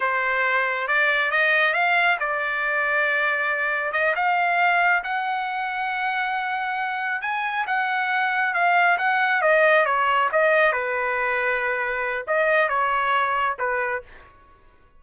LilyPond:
\new Staff \with { instrumentName = "trumpet" } { \time 4/4 \tempo 4 = 137 c''2 d''4 dis''4 | f''4 d''2.~ | d''4 dis''8 f''2 fis''8~ | fis''1~ |
fis''8 gis''4 fis''2 f''8~ | f''8 fis''4 dis''4 cis''4 dis''8~ | dis''8 b'2.~ b'8 | dis''4 cis''2 b'4 | }